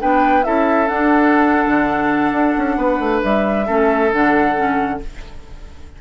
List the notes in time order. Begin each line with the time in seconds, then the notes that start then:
0.00 B3 D4 B4 G5
0.44 C#4 E4 A4 E5
0.87 D4 F#5
1.66 D3
2.32 D4
2.57 C#4
2.77 B3 B4
2.99 A3
3.23 G3 E5
3.66 A3 C#4 A4
4.12 D3 D4 F#5
4.55 C#4